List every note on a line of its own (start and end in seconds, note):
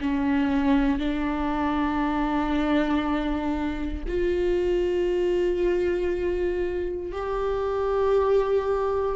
0.00 0.98 C#4
0.98 4.03 D4
4.08 7.12 F4
7.12 9.15 G4